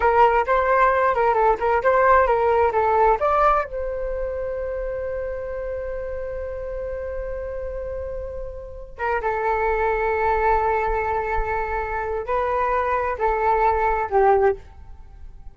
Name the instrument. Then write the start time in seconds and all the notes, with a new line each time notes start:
flute
0.00 A#4
0.46 C5
1.14 A#4
1.34 A4
1.59 A#4
1.82 C5
2.26 A#4
2.72 A4
3.19 D5
3.64 C5
8.98 A#4
9.21 A4
12.26 B4
13.18 A4
14.10 G4